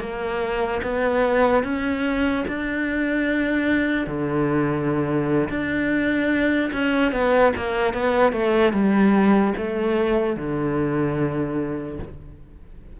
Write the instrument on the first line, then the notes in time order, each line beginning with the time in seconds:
cello
0.00 A#3
0.82 B3
1.64 C#4
2.47 D4
4.07 D3
5.49 D4
6.73 C#4
7.12 B3
7.56 A#3
7.93 B3
8.32 A3
8.72 G3
9.57 A3
10.36 D3